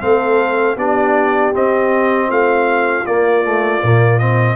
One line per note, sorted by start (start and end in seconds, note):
0.00 0.76 A3
0.00 0.76 C4
0.00 0.76 A4
0.00 0.77 F5
0.76 1.52 B3
0.76 1.52 D4
0.76 2.27 G4
0.76 1.53 D5
1.52 3.04 C4
1.52 2.29 C4
1.52 2.30 D#5
2.27 3.05 A3
2.27 4.55 F4
2.27 3.06 F5
3.06 3.44 A#3
3.06 3.82 A#3
3.06 4.18 D5
3.44 3.81 A3
3.82 4.56 A#2
3.82 4.19 A#3
4.18 4.56 C4
4.18 4.56 D#5